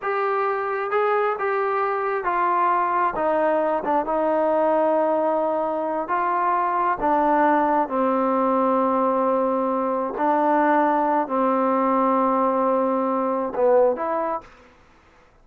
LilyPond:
\new Staff \with { instrumentName = "trombone" } { \time 4/4 \tempo 4 = 133 g'2 gis'4 g'4~ | g'4 f'2 dis'4~ | dis'8 d'8 dis'2.~ | dis'4. f'2 d'8~ |
d'4. c'2~ c'8~ | c'2~ c'8 d'4.~ | d'4 c'2.~ | c'2 b4 e'4 | }